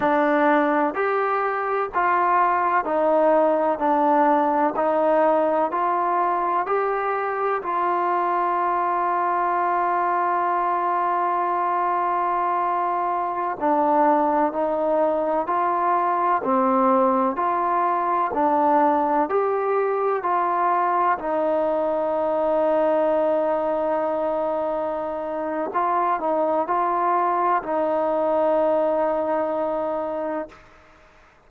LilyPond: \new Staff \with { instrumentName = "trombone" } { \time 4/4 \tempo 4 = 63 d'4 g'4 f'4 dis'4 | d'4 dis'4 f'4 g'4 | f'1~ | f'2~ f'16 d'4 dis'8.~ |
dis'16 f'4 c'4 f'4 d'8.~ | d'16 g'4 f'4 dis'4.~ dis'16~ | dis'2. f'8 dis'8 | f'4 dis'2. | }